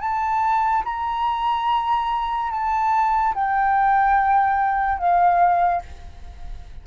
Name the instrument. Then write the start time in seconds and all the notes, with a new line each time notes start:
flute
0.00 A5
0.85 A#5
2.51 A5
3.35 G5
4.98 F5